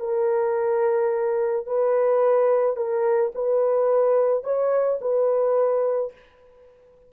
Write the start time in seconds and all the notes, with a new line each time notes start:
0.00 A#4
1.67 B4
2.77 A#4
3.35 B4
4.44 C#5
5.02 B4